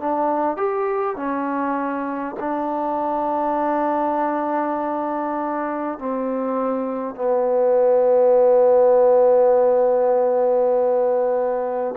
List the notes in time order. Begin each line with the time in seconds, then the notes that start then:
0.00 D4
0.57 G4
1.16 C#4
2.39 D4
5.98 C4
7.15 B3